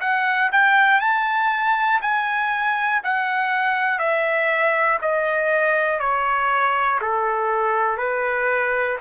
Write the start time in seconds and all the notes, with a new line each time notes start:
0.00 F#5
0.52 G5
1.00 A5
2.01 G#5
3.03 F#5
3.98 E5
5.01 D#5
5.99 C#5
7.00 A4
7.97 B4